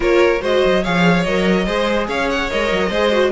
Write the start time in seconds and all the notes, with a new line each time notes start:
0.00 A#3 F4 A#4 C#5
0.41 G#3 F#4 C5 D#5
0.65 F#3
0.82 F3 G#4 C#5 F5
1.23 F#3 A#4 D#5
1.65 G#3 G#4 C5
2.07 C#4 C#5 F5
2.29 F#5
2.50 G#3 A#4 D#5
2.71 F#3
2.89 G#3 G#4 C5
3.11 F#4